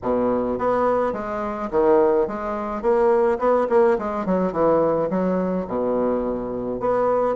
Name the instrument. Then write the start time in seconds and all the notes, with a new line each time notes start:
bassoon
0.02 B2
0.58 B3
1.12 G#3
1.70 D#3
2.27 G#3
2.81 A#3
3.38 B3
3.69 A#3
3.98 G#3
4.25 F#3
4.52 E3
5.10 F#3
5.67 B2
6.80 B3